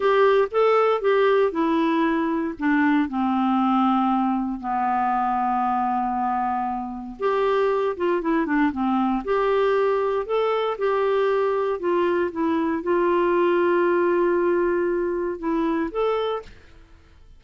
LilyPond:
\new Staff \with { instrumentName = "clarinet" } { \time 4/4 \tempo 4 = 117 g'4 a'4 g'4 e'4~ | e'4 d'4 c'2~ | c'4 b2.~ | b2 g'4. f'8 |
e'8 d'8 c'4 g'2 | a'4 g'2 f'4 | e'4 f'2.~ | f'2 e'4 a'4 | }